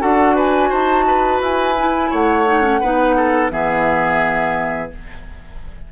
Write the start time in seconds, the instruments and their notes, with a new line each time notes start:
0.00 bassoon D4, clarinet F#4, oboe A4, flute F#5
0.35 oboe B4, flute G#5
0.69 bassoon D#4, oboe C5, flute A5
1.07 oboe B4
1.41 bassoon E4, flute G#5
1.78 clarinet E4
2.10 bassoon A3, oboe C#5, flute F#5
2.46 clarinet D#4
2.62 clarinet C#4
2.81 bassoon B3, clarinet D#4, oboe B4
3.16 oboe A4
3.50 bassoon E3, clarinet B3, oboe G#4, flute E5